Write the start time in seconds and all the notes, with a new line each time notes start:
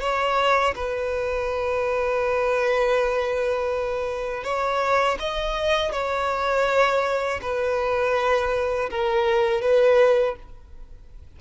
0.00 C#5
0.75 B4
4.43 C#5
5.19 D#5
5.92 C#5
7.42 B4
8.90 A#4
9.62 B4